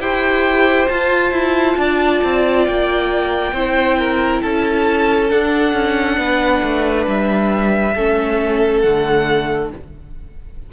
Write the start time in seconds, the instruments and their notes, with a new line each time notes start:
0.00 cello E4, viola G4, violin C5 G5
0.89 viola F4, cello F4, violin A5
1.32 cello E4
1.78 cello D4, violin D5
2.24 cello C4
2.67 cello A#3, violin G5
3.53 cello C4, viola E4, violin C5
3.99 violin A#4
4.43 cello C#4, violin A4 A5
5.29 viola D4, cello D4, violin F#5
5.74 cello C#4
6.18 cello B3, violin B4
6.63 cello A3
7.07 cello G3, violin E5
7.95 cello A3, viola C#4, violin A4
8.81 cello D3, viola A3, violin F#5